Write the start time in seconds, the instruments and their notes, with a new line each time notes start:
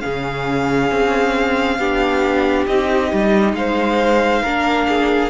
0.00 cello C#3, viola C#4, violin G#4 F5
0.91 cello C4
1.78 cello B3, viola D4, violin G4
2.67 cello C4, viola D#4, violin D#5
3.13 cello G3
3.53 cello G#3, violin C5 F5
4.43 cello A#3, viola D4, violin A#4
4.88 violin G#4